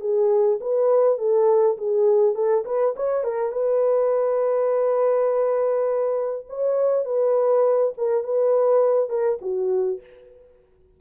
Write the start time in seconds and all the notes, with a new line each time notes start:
0.00 G#4
0.60 B4
1.18 A4
1.77 G#4
2.35 A4
2.65 B4
2.96 C#5
3.24 A#4
3.52 B4
6.49 C#5
7.05 B4
7.97 A#4
8.24 B4
9.09 A#4
9.41 F#4